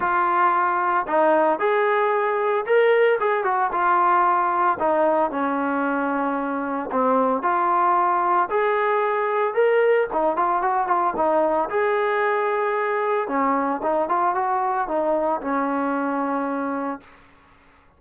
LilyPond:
\new Staff \with { instrumentName = "trombone" } { \time 4/4 \tempo 4 = 113 f'2 dis'4 gis'4~ | gis'4 ais'4 gis'8 fis'8 f'4~ | f'4 dis'4 cis'2~ | cis'4 c'4 f'2 |
gis'2 ais'4 dis'8 f'8 | fis'8 f'8 dis'4 gis'2~ | gis'4 cis'4 dis'8 f'8 fis'4 | dis'4 cis'2. | }